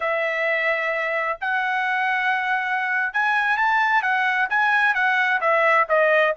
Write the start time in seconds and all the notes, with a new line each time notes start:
0.00 E5
1.41 F#5
3.13 G#5
3.57 A5
4.02 F#5
4.49 G#5
4.94 F#5
5.40 E5
5.88 D#5